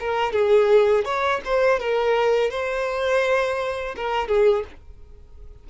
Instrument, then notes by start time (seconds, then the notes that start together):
violin
0.00 A#4
0.33 G#4
1.05 C#5
1.45 C5
1.80 A#4
2.51 C5
3.96 A#4
4.28 G#4